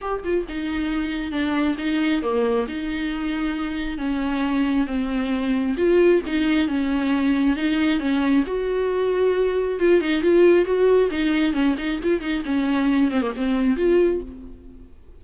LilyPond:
\new Staff \with { instrumentName = "viola" } { \time 4/4 \tempo 4 = 135 g'8 f'8 dis'2 d'4 | dis'4 ais4 dis'2~ | dis'4 cis'2 c'4~ | c'4 f'4 dis'4 cis'4~ |
cis'4 dis'4 cis'4 fis'4~ | fis'2 f'8 dis'8 f'4 | fis'4 dis'4 cis'8 dis'8 f'8 dis'8 | cis'4. c'16 ais16 c'4 f'4 | }